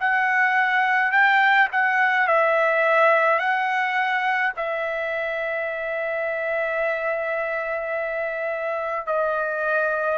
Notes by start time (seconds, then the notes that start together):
0.00 F#5
1.12 G5
1.72 F#5
2.27 E5
3.39 F#5
4.57 E5
9.07 D#5